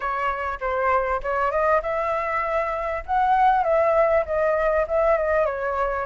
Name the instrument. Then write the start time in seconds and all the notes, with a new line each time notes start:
flute
0.00 C#5
0.60 C5
1.22 C#5
1.51 D#5
1.82 E5
3.06 F#5
3.63 E5
4.25 D#5
4.87 E5
5.17 D#5
5.45 C#5